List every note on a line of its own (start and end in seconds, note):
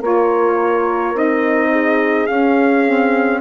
0.00 1.14 A#3
0.00 1.14 F4
0.00 1.70 A#4
0.00 1.17 C#5
1.14 2.27 C4
1.14 2.28 D#4
1.14 2.27 D#5
1.72 3.41 G#4
2.27 2.86 C#4
2.27 3.41 C#4
2.27 3.40 F5
2.86 3.41 C4